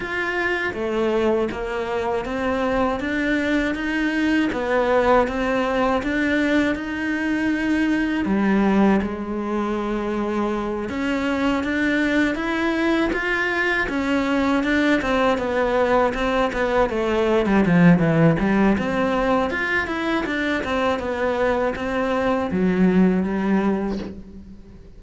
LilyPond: \new Staff \with { instrumentName = "cello" } { \time 4/4 \tempo 4 = 80 f'4 a4 ais4 c'4 | d'4 dis'4 b4 c'4 | d'4 dis'2 g4 | gis2~ gis8 cis'4 d'8~ |
d'8 e'4 f'4 cis'4 d'8 | c'8 b4 c'8 b8 a8. g16 f8 | e8 g8 c'4 f'8 e'8 d'8 c'8 | b4 c'4 fis4 g4 | }